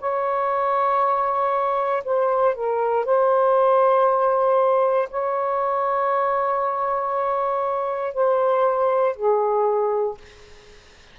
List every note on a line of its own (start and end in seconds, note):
0.00 2.03 C#5
2.05 2.55 C5
2.55 3.06 A#4
3.06 5.09 C5
5.10 8.14 C#5
8.14 9.16 C5
9.16 10.18 G#4